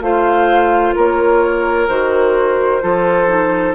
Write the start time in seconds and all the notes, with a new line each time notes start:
0.00 A3 F4 C5 F5
0.95 A#3 A#4 C#5
1.88 D#3 F#4 C5
2.81 F3 F4 A4
3.28 D#4